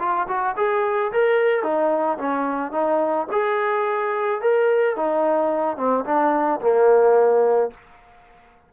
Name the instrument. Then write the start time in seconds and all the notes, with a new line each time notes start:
trombone
0.00 F4
0.28 F#4
0.57 G#4
1.13 A#4
1.63 D#4
2.19 C#4
2.72 D#4
3.32 G#4
4.42 A#4
4.97 D#4
5.78 C4
6.06 D4
6.61 A#3